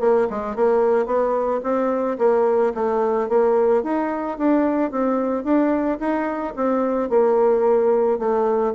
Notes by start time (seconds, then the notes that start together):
0.00 A#3
0.30 G#3
0.55 A#3
1.06 B3
1.63 C4
2.18 A#3
2.74 A3
3.29 A#3
3.83 D#4
4.38 D4
4.91 C4
5.43 D4
5.99 D#4
6.56 C4
7.10 A#3
8.19 A3